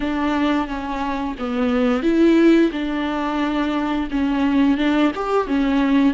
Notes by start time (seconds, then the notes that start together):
0.00 D4
0.67 C#4
1.38 B3
2.02 E4
2.71 D4
4.10 C#4
4.77 D4
5.15 G4
5.47 C#4